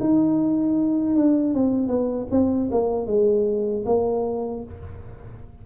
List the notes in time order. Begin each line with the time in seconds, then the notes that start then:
0.00 D#4
1.15 D4
1.54 C4
1.87 B3
2.31 C4
2.71 A#3
3.06 G#3
3.85 A#3